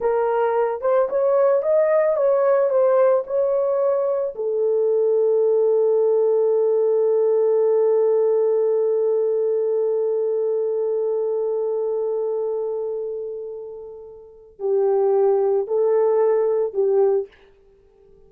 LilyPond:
\new Staff \with { instrumentName = "horn" } { \time 4/4 \tempo 4 = 111 ais'4. c''8 cis''4 dis''4 | cis''4 c''4 cis''2 | a'1~ | a'1~ |
a'1~ | a'1~ | a'2. g'4~ | g'4 a'2 g'4 | }